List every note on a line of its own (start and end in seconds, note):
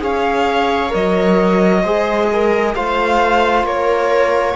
0.00 0.93 C#4
0.00 0.89 G#4
0.00 1.83 C#5
0.00 0.94 F5
0.89 1.84 F#3
0.89 1.80 A#4
0.89 2.75 D#5
1.83 2.75 G#3
1.83 2.76 G#4
1.83 2.28 C5
2.33 2.76 A#4
2.75 3.63 A3
2.75 4.56 F4
2.75 3.66 C5
2.75 3.66 F5
3.63 4.54 A#3
3.63 4.56 A#4
3.63 4.56 C#5